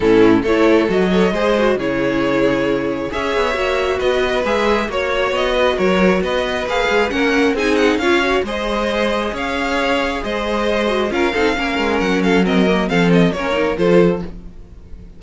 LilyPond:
<<
  \new Staff \with { instrumentName = "violin" } { \time 4/4 \tempo 4 = 135 a'4 cis''4 dis''2 | cis''2. e''4~ | e''4 dis''4 e''4 cis''4 | dis''4 cis''4 dis''4 f''4 |
fis''4 gis''8 fis''8 f''4 dis''4~ | dis''4 f''2 dis''4~ | dis''4 f''2 fis''8 f''8 | dis''4 f''8 dis''8 cis''4 c''4 | }
  \new Staff \with { instrumentName = "violin" } { \time 4/4 e'4 a'4. cis''8 c''4 | gis'2. cis''4~ | cis''4 b'2 cis''4~ | cis''8 b'8 ais'4 b'2 |
ais'4 gis'4 cis''4 c''4~ | c''4 cis''2 c''4~ | c''4 ais'8 a'8 ais'4. a'8 | ais'4 a'4 ais'4 a'4 | }
  \new Staff \with { instrumentName = "viola" } { \time 4/4 cis'4 e'4 fis'8 a'8 gis'8 fis'8 | e'2. gis'4 | fis'2 gis'4 fis'4~ | fis'2. gis'4 |
cis'4 dis'4 f'8 fis'8 gis'4~ | gis'1~ | gis'8 fis'8 f'8 dis'8 cis'2 | c'8 ais8 c'4 cis'8 dis'8 f'4 | }
  \new Staff \with { instrumentName = "cello" } { \time 4/4 a,4 a4 fis4 gis4 | cis2. cis'8 b8 | ais4 b4 gis4 ais4 | b4 fis4 b4 ais8 gis8 |
ais4 c'4 cis'4 gis4~ | gis4 cis'2 gis4~ | gis4 cis'8 c'8 ais8 gis8 fis4~ | fis4 f4 ais4 f4 | }
>>